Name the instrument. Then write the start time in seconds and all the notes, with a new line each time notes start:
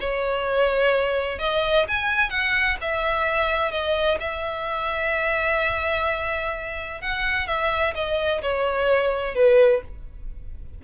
violin
0.00 C#5
1.39 D#5
1.88 G#5
2.30 F#5
2.81 E5
3.71 D#5
4.20 E5
7.01 F#5
7.47 E5
7.95 D#5
8.42 C#5
9.35 B4